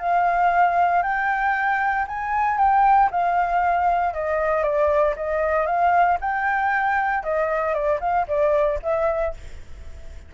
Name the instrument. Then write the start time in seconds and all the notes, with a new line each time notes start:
flute
0.00 F5
1.03 G5
2.08 G#5
2.58 G5
3.12 F5
4.14 D#5
4.63 D5
5.17 D#5
5.66 F5
6.21 G5
7.24 D#5
7.74 D5
8.01 F5
8.28 D5
8.83 E5